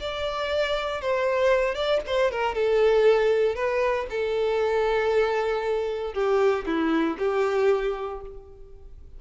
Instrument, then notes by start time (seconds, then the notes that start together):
violin
0.00 D5
1.01 C5
1.75 D5
2.06 C5
2.31 A#4
2.55 A4
3.55 B4
4.10 A4
6.14 G4
6.66 E4
7.18 G4